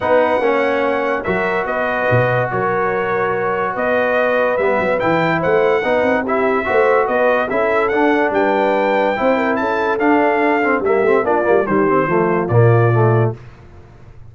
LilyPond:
<<
  \new Staff \with { instrumentName = "trumpet" } { \time 4/4 \tempo 4 = 144 fis''2. e''4 | dis''2 cis''2~ | cis''4 dis''2 e''4 | g''4 fis''2 e''4~ |
e''4 dis''4 e''4 fis''4 | g''2. a''4 | f''2 e''4 d''4 | c''2 d''2 | }
  \new Staff \with { instrumentName = "horn" } { \time 4/4 b'4 cis''2 ais'4 | b'2 ais'2~ | ais'4 b'2.~ | b'4 c''4 b'4 g'4 |
c''4 b'4 a'2 | b'2 c''8 ais'8 a'4~ | a'2 g'4 f'4 | g'4 f'2. | }
  \new Staff \with { instrumentName = "trombone" } { \time 4/4 dis'4 cis'2 fis'4~ | fis'1~ | fis'2. b4 | e'2 dis'4 e'4 |
fis'2 e'4 d'4~ | d'2 e'2 | d'4. c'8 ais8 c'8 d'8 ais8 | g8 c'8 a4 ais4 a4 | }
  \new Staff \with { instrumentName = "tuba" } { \time 4/4 b4 ais2 fis4 | b4 b,4 fis2~ | fis4 b2 g8 fis8 | e4 a4 b8 c'4. |
a4 b4 cis'4 d'4 | g2 c'4 cis'4 | d'2 g8 a8 ais8 g8 | dis4 f4 ais,2 | }
>>